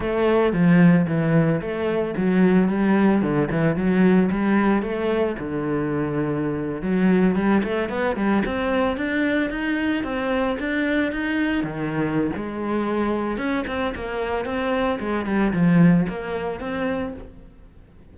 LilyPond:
\new Staff \with { instrumentName = "cello" } { \time 4/4 \tempo 4 = 112 a4 f4 e4 a4 | fis4 g4 d8 e8 fis4 | g4 a4 d2~ | d8. fis4 g8 a8 b8 g8 c'16~ |
c'8. d'4 dis'4 c'4 d'16~ | d'8. dis'4 dis4~ dis16 gis4~ | gis4 cis'8 c'8 ais4 c'4 | gis8 g8 f4 ais4 c'4 | }